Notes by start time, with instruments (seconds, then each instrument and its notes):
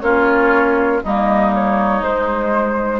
0.00 bassoon A#3, clarinet C#4, oboe F4, flute C#5
1.03 bassoon G3, clarinet A#3, oboe D#4, flute D#5
1.54 flute C#5
2.01 bassoon G#3, clarinet G#3, flute C5